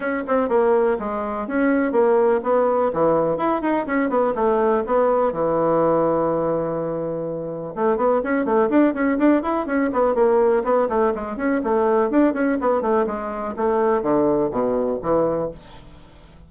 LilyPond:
\new Staff \with { instrumentName = "bassoon" } { \time 4/4 \tempo 4 = 124 cis'8 c'8 ais4 gis4 cis'4 | ais4 b4 e4 e'8 dis'8 | cis'8 b8 a4 b4 e4~ | e1 |
a8 b8 cis'8 a8 d'8 cis'8 d'8 e'8 | cis'8 b8 ais4 b8 a8 gis8 cis'8 | a4 d'8 cis'8 b8 a8 gis4 | a4 d4 b,4 e4 | }